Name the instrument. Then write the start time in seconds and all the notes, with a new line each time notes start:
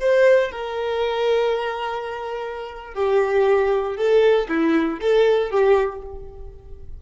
violin
0.00 C5
0.51 A#4
2.94 G4
3.97 A4
4.48 E4
5.01 A4
5.51 G4